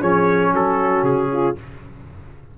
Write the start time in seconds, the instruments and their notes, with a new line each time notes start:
0.00 tuba F3, trombone C#4, horn G#4, trumpet C#5
0.53 tuba F#3, horn F#4, trumpet A4
1.02 tuba C#3, trumpet G#4
1.32 horn F4